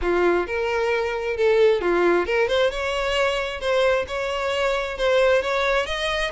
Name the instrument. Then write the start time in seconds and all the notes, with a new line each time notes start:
violin
0.01 F4
0.47 A#4
1.36 A4
1.81 F4
2.26 A#4
2.48 C5
2.70 C#5
3.60 C5
4.07 C#5
4.97 C5
5.42 C#5
5.85 D#5